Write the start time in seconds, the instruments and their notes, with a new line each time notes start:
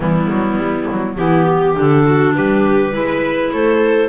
0.00 double bass E3, clarinet G3 E4, viola B3
0.30 double bass F#3
0.56 double bass G3
0.91 double bass F#3
1.15 double bass E3, clarinet B3 G4, viola E4
1.45 viola G4
1.74 double bass D3, clarinet D4 A4
2.05 viola F#4
2.34 double bass G3, viola G4, clarinet B4
2.91 double bass G#3, clarinet E4, viola B4
3.52 double bass A3, viola A4, clarinet C5